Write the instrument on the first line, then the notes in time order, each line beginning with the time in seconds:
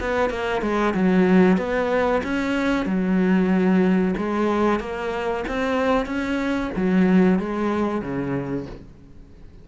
cello
0.00 B3
0.30 A#3
0.62 G#3
0.94 F#3
1.57 B3
2.23 C#4
2.85 F#3
4.17 G#3
4.79 A#3
5.48 C4
6.06 C#4
6.76 F#3
7.39 G#3
8.02 C#3